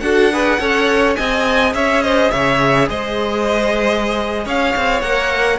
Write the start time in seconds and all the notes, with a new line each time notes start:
0.00 D4 F#4 A4 F#5
0.32 G#4 B4
0.59 C#4 A4 C#5
1.15 C4 G#4 D#5 G#5
1.74 C#4 C#5 E5
2.02 C5 D#5
2.30 C#3 C#5 E5
2.89 G#3 C5 D#5
4.45 C#4 C#5 F5
4.76 C4
5.01 A#3 A#4 F#5